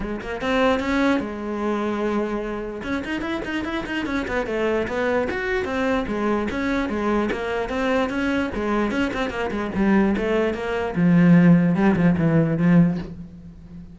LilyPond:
\new Staff \with { instrumentName = "cello" } { \time 4/4 \tempo 4 = 148 gis8 ais8 c'4 cis'4 gis4~ | gis2. cis'8 dis'8 | e'8 dis'8 e'8 dis'8 cis'8 b8 a4 | b4 fis'4 c'4 gis4 |
cis'4 gis4 ais4 c'4 | cis'4 gis4 cis'8 c'8 ais8 gis8 | g4 a4 ais4 f4~ | f4 g8 f8 e4 f4 | }